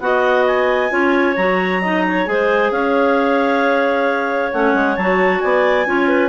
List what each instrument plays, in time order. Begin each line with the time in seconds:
0.00 bassoon B3, clarinet F#4 D#5 F#5
0.47 clarinet G#5
0.90 bassoon C#4, clarinet F4 C#5
1.36 bassoon F#3, clarinet F#4 A#5
1.82 clarinet D#4 D#5
2.08 clarinet C#5
2.26 bassoon G#3, clarinet G#4 C5 G#5
2.71 bassoon C#4, clarinet C#5 F5
4.53 bassoon A3, clarinet C#4 F#5
4.74 bassoon G#3
4.96 bassoon F#3, clarinet F#4 A5
5.40 bassoon B3, clarinet D5 G#5
5.86 bassoon C#4, clarinet F4 C#5
6.08 clarinet B4